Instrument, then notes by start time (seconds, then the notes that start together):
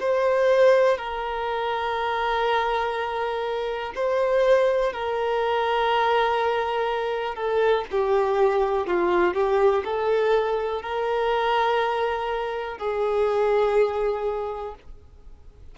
violin
0.00 C5
0.97 A#4
3.95 C5
4.93 A#4
7.35 A4
7.91 G4
8.87 F4
9.34 G4
9.84 A4
10.82 A#4
12.78 G#4